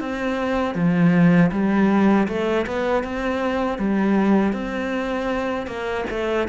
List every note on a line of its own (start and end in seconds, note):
0.00 0.75 C4
0.75 1.51 F3
1.52 2.28 G3
2.28 2.66 A3
2.67 3.04 B3
3.04 3.78 C4
3.78 4.53 G3
4.53 5.67 C4
5.67 6.05 A#3
6.10 6.48 A3